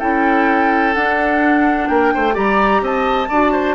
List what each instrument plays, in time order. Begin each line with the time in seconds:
0.00 bassoon C#4, clarinet E4, oboe A4, flute G5
0.94 clarinet D4, bassoon D4, flute F#5
1.88 bassoon A#3, oboe A#4, flute G5
2.14 bassoon A3, oboe C5
2.33 bassoon G3, clarinet G4, oboe D5, flute A#5
2.81 bassoon C4, oboe D#5, flute A5
3.29 bassoon D4, clarinet F#4, oboe D5
3.53 oboe C5